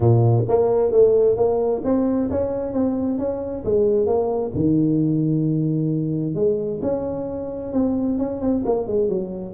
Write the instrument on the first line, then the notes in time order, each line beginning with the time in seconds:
tuba
0.00 A#2
0.48 A#3
0.91 A3
1.36 A#3
1.84 C4
2.30 C#4
2.72 C4
3.18 C#4
3.64 G#3
4.06 A#3
4.54 D#3
6.35 G#3
6.81 C#4
7.73 C4
8.18 C#4
8.41 C4
8.65 A#3
8.87 G#3
9.08 F#3